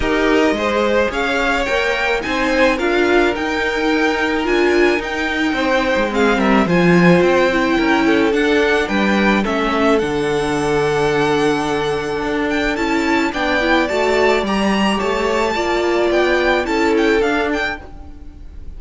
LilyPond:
<<
  \new Staff \with { instrumentName = "violin" } { \time 4/4 \tempo 4 = 108 dis''2 f''4 g''4 | gis''4 f''4 g''2 | gis''4 g''2 f''8 e''8 | gis''4 g''2 fis''4 |
g''4 e''4 fis''2~ | fis''2~ fis''8 g''8 a''4 | g''4 a''4 ais''4 a''4~ | a''4 g''4 a''8 g''8 f''8 g''8 | }
  \new Staff \with { instrumentName = "violin" } { \time 4/4 ais'4 c''4 cis''2 | c''4 ais'2.~ | ais'2 c''4 gis'8 ais'8 | c''2 ais'8 a'4. |
b'4 a'2.~ | a'1 | d''2. cis''4 | d''2 a'2 | }
  \new Staff \with { instrumentName = "viola" } { \time 4/4 g'4 gis'2 ais'4 | dis'4 f'4 dis'2 | f'4 dis'2 c'4 | f'4. e'4. d'4~ |
d'4 cis'4 d'2~ | d'2. e'4 | d'8 e'8 fis'4 g'2 | f'2 e'4 d'4 | }
  \new Staff \with { instrumentName = "cello" } { \time 4/4 dis'4 gis4 cis'4 ais4 | c'4 d'4 dis'2 | d'4 dis'4 c'8. gis8. g8 | f4 c'4 cis'4 d'4 |
g4 a4 d2~ | d2 d'4 cis'4 | b4 a4 g4 a4 | ais4 b4 cis'4 d'4 | }
>>